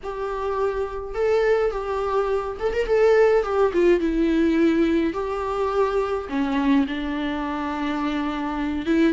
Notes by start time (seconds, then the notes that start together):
0.03 G4
1.14 A4
1.71 G4
2.59 A4
2.73 A#4
2.86 A4
3.43 G4
3.73 F4
3.99 E4
5.13 G4
6.29 C#4
6.87 D4
8.86 E4